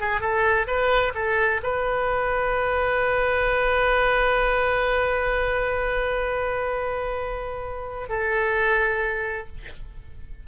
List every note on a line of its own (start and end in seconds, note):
0.00 0.20 G#4
0.20 0.66 A4
0.67 1.13 B4
1.14 1.60 A4
1.63 8.09 B4
8.09 9.47 A4